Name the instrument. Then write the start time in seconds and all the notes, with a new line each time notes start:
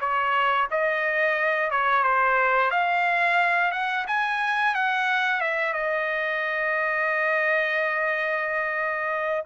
trumpet
0.00 C#5
0.70 D#5
1.70 C#5
2.03 C5
2.70 F5
3.71 F#5
4.07 G#5
4.74 F#5
5.40 E5
5.73 D#5